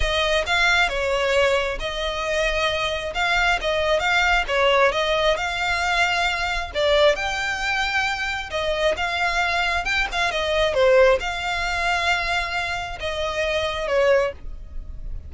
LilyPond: \new Staff \with { instrumentName = "violin" } { \time 4/4 \tempo 4 = 134 dis''4 f''4 cis''2 | dis''2. f''4 | dis''4 f''4 cis''4 dis''4 | f''2. d''4 |
g''2. dis''4 | f''2 g''8 f''8 dis''4 | c''4 f''2.~ | f''4 dis''2 cis''4 | }